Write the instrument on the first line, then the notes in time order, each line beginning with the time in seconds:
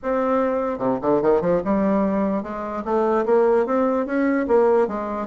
bassoon
0.03 C4
0.78 C3
1.01 D3
1.22 D#3
1.41 F3
1.64 G3
2.42 G#3
2.84 A3
3.25 A#3
3.66 C4
4.06 C#4
4.47 A#3
4.87 G#3